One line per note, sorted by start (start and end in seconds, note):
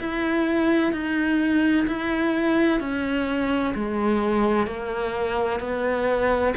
0.00 0.93 E4
0.93 1.87 D#4
1.87 2.80 E4
2.80 3.74 C#4
3.75 4.67 G#3
4.67 5.60 A#3
5.60 6.54 B3